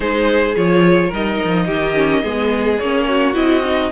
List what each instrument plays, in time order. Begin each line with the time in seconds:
0.00 cello G#3, viola D#4, violin G#4 C5
0.55 cello F3, viola F4, violin C#5
1.08 cello G3, viola D#4, violin A#4 D#5
1.44 cello F3
1.65 cello D#3, violin G4
1.95 viola C#4
2.23 cello G#3, viola B3, violin G#4
2.78 cello A#3, viola C#4, violin C#5
3.07 violin F#4
3.33 cello C4, viola E4, violin D#5
3.64 viola D#4